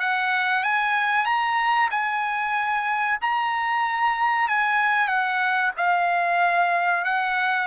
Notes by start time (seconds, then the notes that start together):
0.00 F#5
0.64 G#5
1.26 A#5
1.91 G#5
3.21 A#5
4.49 G#5
5.08 F#5
5.77 F5
7.05 F#5